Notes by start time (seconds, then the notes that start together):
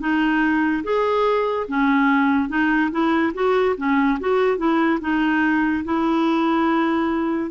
0.00 D#4
0.84 G#4
1.68 C#4
2.49 D#4
2.91 E4
3.34 F#4
3.77 C#4
4.20 F#4
4.58 E4
5.01 D#4
5.84 E4